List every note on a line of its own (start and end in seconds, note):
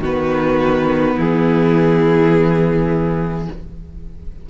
0.00 1.15 D#3
0.00 3.49 B3
0.00 1.14 F#4
0.00 1.19 B4
1.14 3.48 E3
1.14 3.45 E4
1.14 3.49 G#4